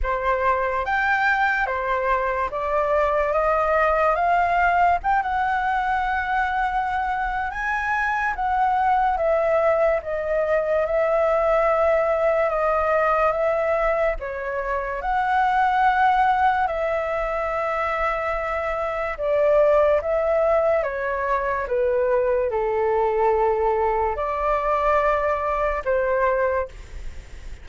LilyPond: \new Staff \with { instrumentName = "flute" } { \time 4/4 \tempo 4 = 72 c''4 g''4 c''4 d''4 | dis''4 f''4 g''16 fis''4.~ fis''16~ | fis''4 gis''4 fis''4 e''4 | dis''4 e''2 dis''4 |
e''4 cis''4 fis''2 | e''2. d''4 | e''4 cis''4 b'4 a'4~ | a'4 d''2 c''4 | }